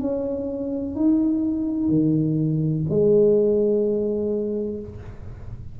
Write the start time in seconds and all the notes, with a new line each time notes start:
0.00 C#4
0.95 D#4
1.89 D#3
2.90 G#3